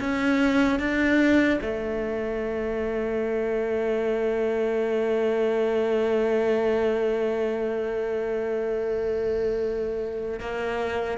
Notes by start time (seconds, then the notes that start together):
0.00 C#4
0.80 D4
1.62 A3
10.40 A#3